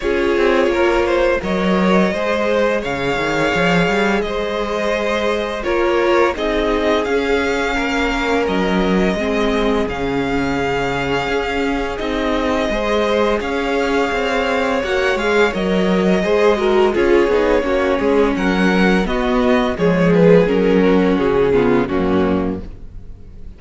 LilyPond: <<
  \new Staff \with { instrumentName = "violin" } { \time 4/4 \tempo 4 = 85 cis''2 dis''2 | f''2 dis''2 | cis''4 dis''4 f''2 | dis''2 f''2~ |
f''4 dis''2 f''4~ | f''4 fis''8 f''8 dis''2 | cis''2 fis''4 dis''4 | cis''8 b'8 ais'4 gis'4 fis'4 | }
  \new Staff \with { instrumentName = "violin" } { \time 4/4 gis'4 ais'8 c''8 cis''4 c''4 | cis''2 c''2 | ais'4 gis'2 ais'4~ | ais'4 gis'2.~ |
gis'2 c''4 cis''4~ | cis''2. c''8 ais'8 | gis'4 fis'8 gis'8 ais'4 fis'4 | gis'4. fis'4 f'8 cis'4 | }
  \new Staff \with { instrumentName = "viola" } { \time 4/4 f'2 ais'4 gis'4~ | gis'1 | f'4 dis'4 cis'2~ | cis'4 c'4 cis'2~ |
cis'4 dis'4 gis'2~ | gis'4 fis'8 gis'8 ais'4 gis'8 fis'8 | f'8 dis'8 cis'2 b4 | gis4 cis'4. b8 ais4 | }
  \new Staff \with { instrumentName = "cello" } { \time 4/4 cis'8 c'8 ais4 fis4 gis4 | cis8 dis8 f8 g8 gis2 | ais4 c'4 cis'4 ais4 | fis4 gis4 cis2 |
cis'4 c'4 gis4 cis'4 | c'4 ais8 gis8 fis4 gis4 | cis'8 b8 ais8 gis8 fis4 b4 | f4 fis4 cis4 fis,4 | }
>>